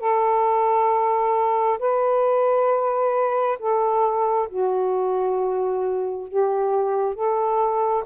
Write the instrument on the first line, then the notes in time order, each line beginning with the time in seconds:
saxophone
0.00 A4
1.80 B4
3.59 A4
4.49 F#4
6.29 G4
7.15 A4